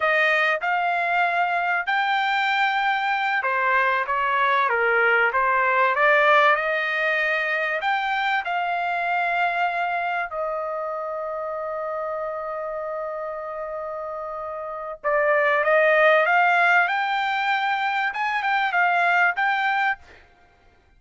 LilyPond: \new Staff \with { instrumentName = "trumpet" } { \time 4/4 \tempo 4 = 96 dis''4 f''2 g''4~ | g''4. c''4 cis''4 ais'8~ | ais'8 c''4 d''4 dis''4.~ | dis''8 g''4 f''2~ f''8~ |
f''8 dis''2.~ dis''8~ | dis''1 | d''4 dis''4 f''4 g''4~ | g''4 gis''8 g''8 f''4 g''4 | }